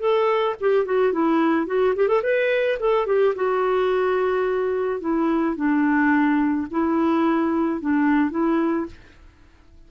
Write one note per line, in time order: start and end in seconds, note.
0.00 0.56 A4
0.61 0.85 G4
0.85 1.13 F#4
1.13 1.67 E4
1.67 1.94 F#4
1.96 2.08 G4
2.08 2.22 A4
2.23 2.79 B4
2.80 3.07 A4
3.07 3.34 G4
3.35 5.01 F#4
5.01 5.56 E4
5.56 6.67 D4
6.71 7.81 E4
7.81 8.31 D4
8.31 8.86 E4